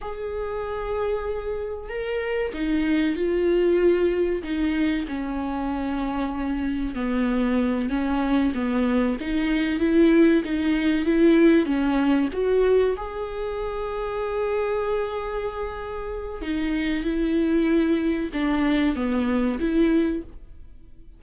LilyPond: \new Staff \with { instrumentName = "viola" } { \time 4/4 \tempo 4 = 95 gis'2. ais'4 | dis'4 f'2 dis'4 | cis'2. b4~ | b8 cis'4 b4 dis'4 e'8~ |
e'8 dis'4 e'4 cis'4 fis'8~ | fis'8 gis'2.~ gis'8~ | gis'2 dis'4 e'4~ | e'4 d'4 b4 e'4 | }